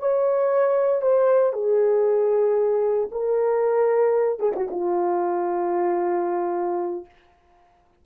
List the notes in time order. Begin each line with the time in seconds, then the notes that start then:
0.00 C#5
1.02 C5
1.53 G#4
3.12 A#4
4.40 G#4
4.56 F#4
4.71 F4